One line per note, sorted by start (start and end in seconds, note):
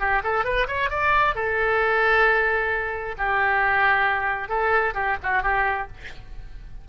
0.00 0.23 G4
0.24 0.45 A4
0.45 0.67 B4
0.68 0.90 C#5
0.90 1.35 D5
1.35 3.16 A4
3.18 4.49 G4
4.49 4.94 A4
4.94 5.17 G4
5.23 5.43 F#4
5.43 5.88 G4